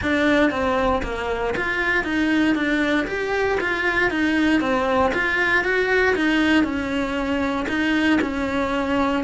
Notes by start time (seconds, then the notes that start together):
0.02 D4
0.50 C4
1.03 A#3
1.56 F4
2.03 D#4
2.55 D4
3.07 G4
3.60 F4
4.10 D#4
4.60 C4
5.14 F4
5.64 F#4
6.15 D#4
6.64 C#4
7.68 D#4
8.21 C#4